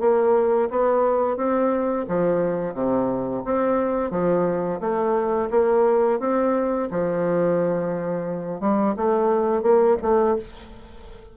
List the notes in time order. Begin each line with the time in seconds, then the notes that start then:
0.00 A#3
0.70 B3
1.37 C4
2.08 F3
2.74 C3
3.45 C4
4.11 F3
4.80 A3
5.50 A#3
6.19 C4
6.91 F3
8.60 G3
8.97 A3
9.62 A#3
10.02 A3